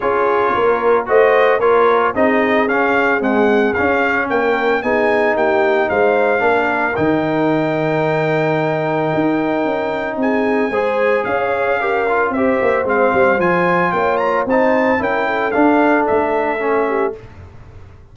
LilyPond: <<
  \new Staff \with { instrumentName = "trumpet" } { \time 4/4 \tempo 4 = 112 cis''2 dis''4 cis''4 | dis''4 f''4 fis''4 f''4 | g''4 gis''4 g''4 f''4~ | f''4 g''2.~ |
g''2. gis''4~ | gis''4 f''2 e''4 | f''4 gis''4 g''8 ais''8 a''4 | g''4 f''4 e''2 | }
  \new Staff \with { instrumentName = "horn" } { \time 4/4 gis'4 ais'4 c''4 ais'4 | gis'1 | ais'4 gis'4 g'4 c''4 | ais'1~ |
ais'2. gis'4 | c''4 cis''4 ais'4 c''4~ | c''2 cis''4 c''4 | ais'8 a'2. g'8 | }
  \new Staff \with { instrumentName = "trombone" } { \time 4/4 f'2 fis'4 f'4 | dis'4 cis'4 gis4 cis'4~ | cis'4 dis'2. | d'4 dis'2.~ |
dis'1 | gis'2 g'8 f'8 g'4 | c'4 f'2 dis'4 | e'4 d'2 cis'4 | }
  \new Staff \with { instrumentName = "tuba" } { \time 4/4 cis'4 ais4 a4 ais4 | c'4 cis'4 c'4 cis'4 | ais4 b4 ais4 gis4 | ais4 dis2.~ |
dis4 dis'4 cis'4 c'4 | gis4 cis'2 c'8 ais8 | gis8 g8 f4 ais4 c'4 | cis'4 d'4 a2 | }
>>